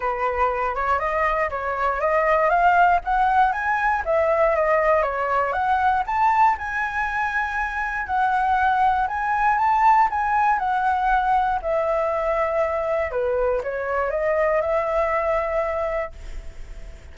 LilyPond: \new Staff \with { instrumentName = "flute" } { \time 4/4 \tempo 4 = 119 b'4. cis''8 dis''4 cis''4 | dis''4 f''4 fis''4 gis''4 | e''4 dis''4 cis''4 fis''4 | a''4 gis''2. |
fis''2 gis''4 a''4 | gis''4 fis''2 e''4~ | e''2 b'4 cis''4 | dis''4 e''2. | }